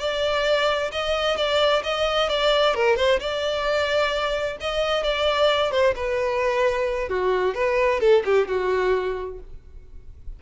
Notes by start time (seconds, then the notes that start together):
0.00 D5
0.92 D#5
1.37 D5
1.84 D#5
2.30 D5
2.75 A#4
2.97 C5
3.20 D5
4.61 D#5
5.04 D5
5.72 C5
5.96 B4
7.09 F#4
7.55 B4
8.01 A4
8.26 G4
8.48 F#4